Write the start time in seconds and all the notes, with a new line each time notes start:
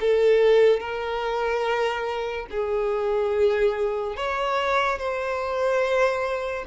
0.00 A4
0.80 A#4
2.51 G#4
4.16 C#5
4.98 C5